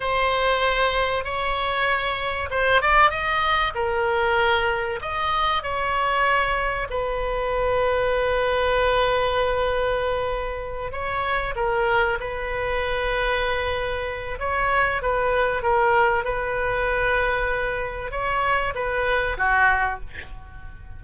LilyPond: \new Staff \with { instrumentName = "oboe" } { \time 4/4 \tempo 4 = 96 c''2 cis''2 | c''8 d''8 dis''4 ais'2 | dis''4 cis''2 b'4~ | b'1~ |
b'4. cis''4 ais'4 b'8~ | b'2. cis''4 | b'4 ais'4 b'2~ | b'4 cis''4 b'4 fis'4 | }